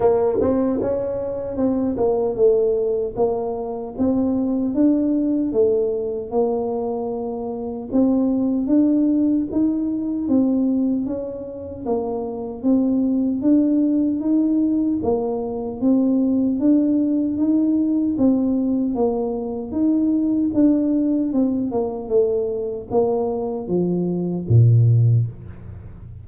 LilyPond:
\new Staff \with { instrumentName = "tuba" } { \time 4/4 \tempo 4 = 76 ais8 c'8 cis'4 c'8 ais8 a4 | ais4 c'4 d'4 a4 | ais2 c'4 d'4 | dis'4 c'4 cis'4 ais4 |
c'4 d'4 dis'4 ais4 | c'4 d'4 dis'4 c'4 | ais4 dis'4 d'4 c'8 ais8 | a4 ais4 f4 ais,4 | }